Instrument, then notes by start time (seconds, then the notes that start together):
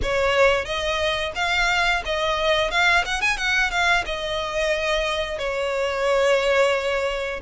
violin
0.02 C#5
0.65 D#5
1.35 F5
2.05 D#5
2.70 F5
3.05 F#5
3.21 G#5
3.37 F#5
3.70 F5
4.05 D#5
5.38 C#5